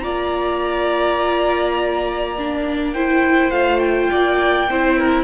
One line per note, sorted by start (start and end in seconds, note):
0.00 3.51 A#3
0.00 2.36 F4
0.00 2.94 D5
0.00 2.91 A#5
2.38 2.95 D4
2.94 3.52 E4
2.94 4.11 C5
2.94 3.51 G5
3.51 4.09 A3
3.51 4.68 F4
3.51 3.80 F5
3.80 5.24 G5
4.11 4.69 A#3
4.11 4.69 D5
4.69 5.24 C4
4.69 5.24 E4
4.69 4.99 C5
4.99 5.24 A#4